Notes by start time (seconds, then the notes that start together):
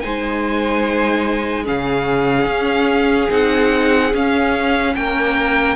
0.00 G#3 D#4 C5 G#5
1.63 C#3 C#4 G#4 F5
2.45 C#4
3.29 C4 D#4 F#5
4.13 C#4 F5
4.95 A#3 A#4 G5